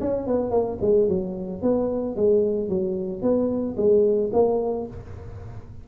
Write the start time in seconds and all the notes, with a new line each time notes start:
0.00 C#4
0.27 B3
0.51 A#3
0.81 G#3
1.08 F#3
1.62 B3
2.15 G#3
2.68 F#3
3.22 B3
3.76 G#3
4.32 A#3